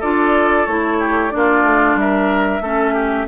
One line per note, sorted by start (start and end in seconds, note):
0.00 0.68 D4
0.00 0.68 F4
0.00 0.98 A4
0.00 0.66 D5
0.66 1.33 A3
0.66 1.31 E4
0.66 1.31 C#5
1.00 1.32 G4
1.31 1.63 A#3
1.31 2.61 D4
1.31 1.96 D5
1.37 2.01 F4
1.63 1.95 A3
1.95 2.60 G3
1.95 2.63 A#4
1.95 3.28 E5
2.61 3.26 A3
2.61 3.28 C#4
2.61 2.94 A4
2.94 3.26 G4